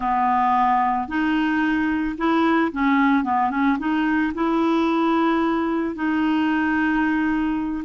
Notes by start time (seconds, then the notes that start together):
0.00 B3
1.08 D#4
2.17 E4
2.72 C#4
3.23 B3
3.50 C#4
3.78 D#4
4.34 E4
5.95 D#4